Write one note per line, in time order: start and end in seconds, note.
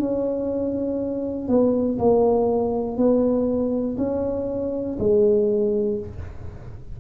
0.00 1.48 C#4
1.48 1.98 B3
1.99 2.98 A#3
2.98 3.98 B3
3.98 4.98 C#4
5.00 6.00 G#3